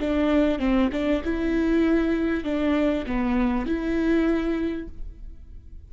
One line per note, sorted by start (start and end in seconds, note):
0.00 0.59 D4
0.59 0.90 C4
0.93 1.23 D4
1.25 2.45 E4
2.45 3.06 D4
3.07 3.67 B3
3.67 4.89 E4